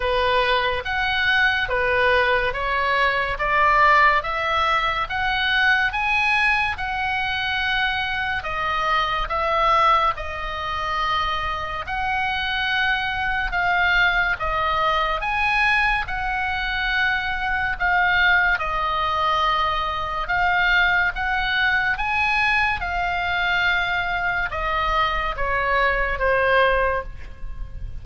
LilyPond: \new Staff \with { instrumentName = "oboe" } { \time 4/4 \tempo 4 = 71 b'4 fis''4 b'4 cis''4 | d''4 e''4 fis''4 gis''4 | fis''2 dis''4 e''4 | dis''2 fis''2 |
f''4 dis''4 gis''4 fis''4~ | fis''4 f''4 dis''2 | f''4 fis''4 gis''4 f''4~ | f''4 dis''4 cis''4 c''4 | }